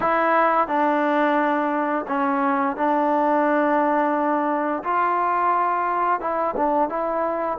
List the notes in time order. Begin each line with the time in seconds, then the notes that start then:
0.00 E4
0.67 D4
2.08 C#4
2.76 D4
4.83 F4
6.20 E4
6.56 D4
6.89 E4